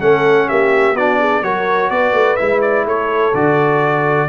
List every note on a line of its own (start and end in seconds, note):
0.00 0.49 A3
0.00 0.95 C#4
0.00 0.48 A4
0.00 0.48 F#5
0.48 0.94 A#3
0.48 0.96 G4
0.48 0.96 E5
0.94 1.41 B3
0.94 1.43 D4
0.94 1.19 F#4
0.94 1.43 D5
1.19 1.42 G#4
1.42 1.90 F#3
1.42 2.38 F#4
1.42 1.91 A#4
1.42 1.90 C#5
1.90 2.12 B3
1.90 2.87 B4
1.90 2.36 D5
2.12 2.36 A3
2.36 2.85 G#3
2.36 3.33 E4
2.36 2.60 E5
2.61 2.85 D5
2.85 3.33 A3
2.85 4.28 A4
2.85 3.34 C#5
3.34 4.28 D3
3.34 4.28 F#4
3.34 4.28 D5